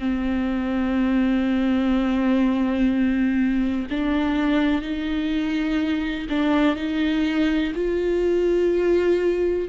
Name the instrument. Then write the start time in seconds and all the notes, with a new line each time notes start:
viola
0.00 C4
3.91 D4
4.83 D#4
6.30 D4
6.76 D#4
7.76 F4